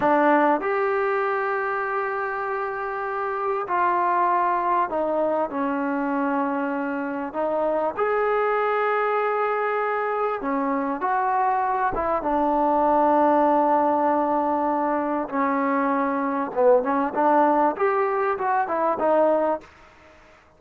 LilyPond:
\new Staff \with { instrumentName = "trombone" } { \time 4/4 \tempo 4 = 98 d'4 g'2.~ | g'2 f'2 | dis'4 cis'2. | dis'4 gis'2.~ |
gis'4 cis'4 fis'4. e'8 | d'1~ | d'4 cis'2 b8 cis'8 | d'4 g'4 fis'8 e'8 dis'4 | }